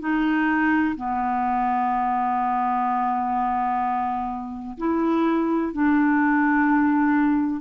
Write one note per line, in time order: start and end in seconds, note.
0.00 0.95 D#4
0.97 4.77 B3
4.78 5.73 E4
5.73 7.61 D4